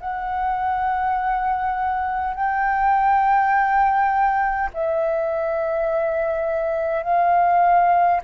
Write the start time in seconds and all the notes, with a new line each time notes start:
0.00 F#5
2.34 G5
4.73 E5
7.03 F5